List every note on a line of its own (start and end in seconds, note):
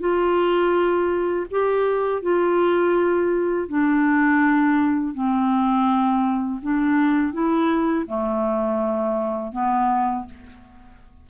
0.00 1.46 F4
1.51 2.23 G4
2.23 3.69 F4
3.69 5.14 D4
5.14 6.60 C4
6.63 7.33 D4
7.33 8.06 E4
8.07 9.53 A3
9.53 10.26 B3